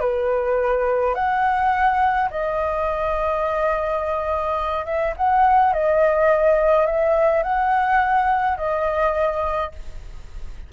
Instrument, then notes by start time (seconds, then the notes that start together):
flute
0.00 B4
1.15 F#5
2.30 D#5
4.85 E5
5.16 F#5
5.73 D#5
6.86 E5
7.43 F#5
8.57 D#5